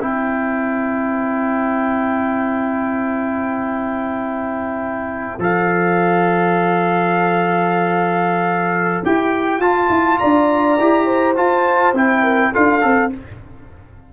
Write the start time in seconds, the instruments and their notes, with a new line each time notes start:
0.00 tuba C4, trombone E4, horn C5, trumpet G5
5.38 tuba F3, trombone A4, trumpet F5
9.04 tuba E4, trombone G4, trumpet G5
9.58 tuba F4, trombone F4, trumpet A5
9.89 tuba E4
10.18 tuba D4, horn D5, trumpet A#5
10.79 tuba E4, trombone G4
11.05 horn C5
11.35 trombone F4, tuba F4, trumpet A5
11.93 tuba C4, trombone E4, trumpet G5
12.22 horn A#4
12.52 tuba D4, trombone F4, horn A4, trumpet F5
12.81 tuba C4, trombone A4